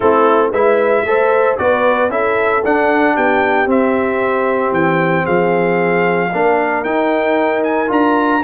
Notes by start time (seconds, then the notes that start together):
0.00 A3 C4 E4 A4
0.51 G#3 E4 B4 E5
1.04 A3 A4 C5
1.57 B3 F#4 B4 D5
2.09 C#4 E4 A4 E5
2.64 D4 F#5
3.14 B3 G4 G5
3.66 C4 E5
4.71 E3 G5
5.23 F3 G#4 F5
6.32 A#3 D4 A#4
6.83 D#4 G5
7.63 G#5
7.87 D4 F4 A#5